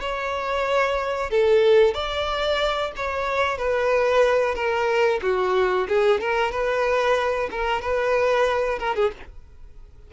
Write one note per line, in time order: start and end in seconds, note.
0.00 1.30 C#5
1.30 1.94 A4
1.94 2.92 D5
2.96 3.58 C#5
3.58 4.55 B4
4.55 5.20 A#4
5.22 5.87 F#4
5.88 6.20 G#4
6.20 6.51 A#4
6.51 7.49 B4
7.51 7.81 A#4
7.81 8.79 B4
8.79 8.95 A#4
8.95 9.11 G#4